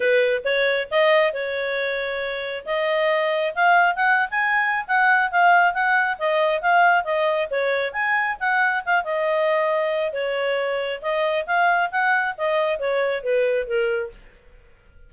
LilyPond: \new Staff \with { instrumentName = "clarinet" } { \time 4/4 \tempo 4 = 136 b'4 cis''4 dis''4 cis''4~ | cis''2 dis''2 | f''4 fis''8. gis''4~ gis''16 fis''4 | f''4 fis''4 dis''4 f''4 |
dis''4 cis''4 gis''4 fis''4 | f''8 dis''2~ dis''8 cis''4~ | cis''4 dis''4 f''4 fis''4 | dis''4 cis''4 b'4 ais'4 | }